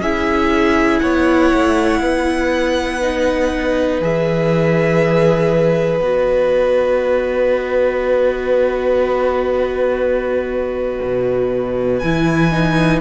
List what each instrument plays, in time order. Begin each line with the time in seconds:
0.00 cello C#4, viola E4, violin G#4 E5
1.00 cello B3, violin C#5 F#5
1.53 cello A3
2.00 cello B3, violin B4
3.02 viola D#4
4.01 cello E3, viola G#4, violin E5
6.00 cello B3, viola F#4, violin D#5
11.02 cello B2
11.99 cello E3, viola E4, violin G#5
12.51 viola D#4